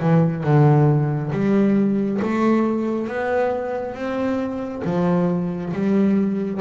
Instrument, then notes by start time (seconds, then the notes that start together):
double bass
0.00 E3
0.43 D3
1.32 G3
2.22 A3
3.08 B3
3.94 C4
4.84 F3
5.73 G3